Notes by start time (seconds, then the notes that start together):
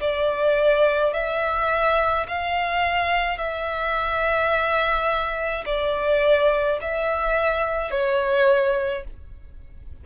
0.00 D5
1.13 E5
2.27 F5
3.38 E5
5.65 D5
6.81 E5
7.90 C#5